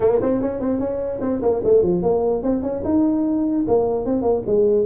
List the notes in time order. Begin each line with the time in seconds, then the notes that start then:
0.00 A#3
0.21 C4
0.41 C#4
0.60 C4
0.79 C#4
1.21 C4
1.42 A#3
1.63 A3
1.82 F3
2.02 A#3
2.43 C4
2.62 C#4
2.84 D#4
3.67 A#3
4.05 C4
4.22 A#3
4.46 G#3